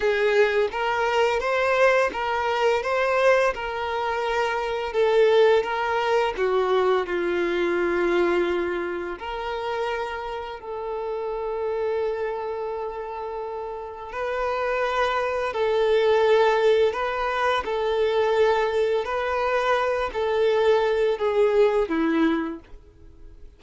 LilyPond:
\new Staff \with { instrumentName = "violin" } { \time 4/4 \tempo 4 = 85 gis'4 ais'4 c''4 ais'4 | c''4 ais'2 a'4 | ais'4 fis'4 f'2~ | f'4 ais'2 a'4~ |
a'1 | b'2 a'2 | b'4 a'2 b'4~ | b'8 a'4. gis'4 e'4 | }